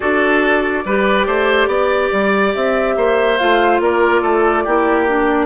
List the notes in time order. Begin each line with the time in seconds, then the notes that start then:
0.00 D4 F#4 A4 D5
0.85 G3 G4 B4
1.26 A3 C5
1.67 B3 D5
2.11 G3
2.54 C4 E5
2.96 A#3 C5
3.37 A3 F4 F5
3.80 A#3 A#4 D5
4.21 A3 A4
4.64 A#3 E4 G4
5.08 D4